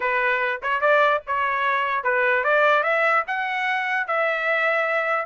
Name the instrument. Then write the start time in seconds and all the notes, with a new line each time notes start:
trumpet
0.00 B4
0.62 C#5
0.80 D5
1.26 C#5
2.03 B4
2.44 D5
2.83 E5
3.27 F#5
4.07 E5